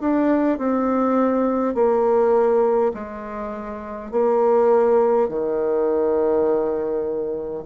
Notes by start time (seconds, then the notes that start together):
0.00 D4
0.58 C4
1.74 A#3
2.94 G#3
4.11 A#3
5.28 D#3